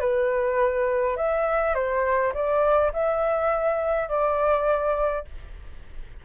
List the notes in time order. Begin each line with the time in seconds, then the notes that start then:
0.00 B4
1.16 E5
1.74 C5
2.33 D5
2.93 E5
4.08 D5